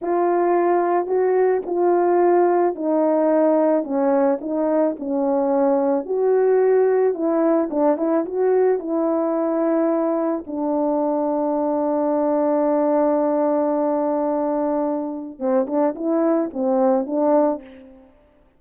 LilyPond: \new Staff \with { instrumentName = "horn" } { \time 4/4 \tempo 4 = 109 f'2 fis'4 f'4~ | f'4 dis'2 cis'4 | dis'4 cis'2 fis'4~ | fis'4 e'4 d'8 e'8 fis'4 |
e'2. d'4~ | d'1~ | d'1 | c'8 d'8 e'4 c'4 d'4 | }